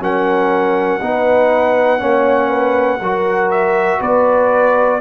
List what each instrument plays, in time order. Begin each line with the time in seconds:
0.00 tuba F#3, trombone C#4, horn A#4, trumpet F#5
1.01 tuba B3, trombone D#4, horn B4
1.99 tuba A#3, trombone C#4, horn C#5
2.49 horn B4
3.00 tuba F#3, trombone F#4, horn A#4
3.51 trumpet E5
4.00 tuba B3, horn B4, trumpet D5